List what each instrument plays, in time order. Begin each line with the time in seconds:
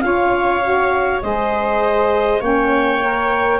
0.00 tuba C#4, saxophone F4, viola C#5, clarinet F5
0.61 saxophone F#4
1.21 tuba G#3, saxophone G#4, viola C5, clarinet D#5
2.40 tuba A#3, saxophone C#4, viola C#5, clarinet G5
3.00 saxophone A#4